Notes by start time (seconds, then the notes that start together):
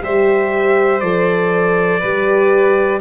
0.00 G3 G4 C5 E5
1.00 F3 A4 D5
1.99 G3 G4 B4